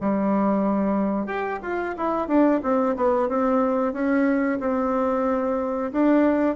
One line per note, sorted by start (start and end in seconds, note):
0.00 1.26 G3
1.26 1.59 G4
1.62 1.95 F4
1.97 2.27 E4
2.27 2.60 D4
2.63 2.96 C4
2.96 3.28 B3
3.28 3.93 C4
3.93 4.59 C#4
4.59 5.91 C4
5.92 6.55 D4